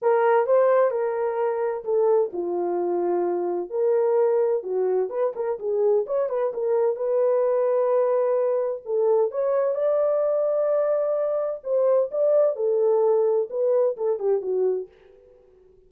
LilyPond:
\new Staff \with { instrumentName = "horn" } { \time 4/4 \tempo 4 = 129 ais'4 c''4 ais'2 | a'4 f'2. | ais'2 fis'4 b'8 ais'8 | gis'4 cis''8 b'8 ais'4 b'4~ |
b'2. a'4 | cis''4 d''2.~ | d''4 c''4 d''4 a'4~ | a'4 b'4 a'8 g'8 fis'4 | }